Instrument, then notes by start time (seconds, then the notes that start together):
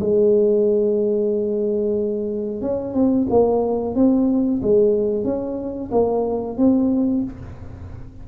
tuba
0.00 G#3
2.62 C#4
2.94 C4
3.30 A#3
3.95 C4
4.62 G#3
5.24 C#4
5.92 A#3
6.58 C4